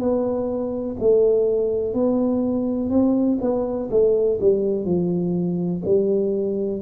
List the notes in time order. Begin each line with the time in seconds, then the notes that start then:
0.00 B3
1.00 A3
1.94 B3
2.90 C4
3.41 B3
3.91 A3
4.41 G3
4.85 F3
5.85 G3